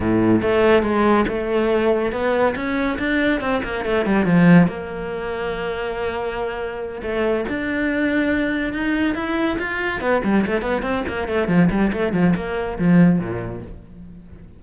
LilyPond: \new Staff \with { instrumentName = "cello" } { \time 4/4 \tempo 4 = 141 a,4 a4 gis4 a4~ | a4 b4 cis'4 d'4 | c'8 ais8 a8 g8 f4 ais4~ | ais1~ |
ais8 a4 d'2~ d'8~ | d'8 dis'4 e'4 f'4 b8 | g8 a8 b8 c'8 ais8 a8 f8 g8 | a8 f8 ais4 f4 ais,4 | }